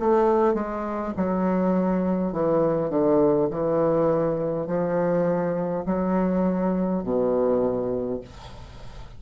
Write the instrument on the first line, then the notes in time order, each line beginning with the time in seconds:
bassoon
0.00 A3
0.55 G#3
1.17 F#3
2.33 E3
2.90 D3
3.51 E3
4.67 F3
5.86 F#3
7.04 B2